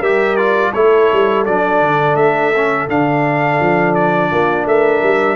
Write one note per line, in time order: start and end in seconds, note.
0.00 0.73 G3
0.00 0.38 G4
0.00 0.71 A#4
0.00 0.37 E5
0.37 0.74 F4
0.37 0.72 D5
0.74 1.11 A3
0.74 1.47 E4
0.74 4.32 A4
0.74 1.45 C#5
1.13 1.48 G3
1.46 1.81 F#3
1.46 2.54 D4
1.46 2.17 D5
1.81 2.16 D3
2.16 2.87 A3
2.16 2.88 E5
2.56 2.90 C#4
2.88 3.60 D3
2.88 5.36 D4
2.88 3.95 F5
3.60 4.32 F3
3.95 4.66 D5
4.32 4.66 A#3
4.32 4.67 F4
4.66 5.02 A3
4.66 5.36 A#4
4.66 5.36 E5
5.03 5.36 G3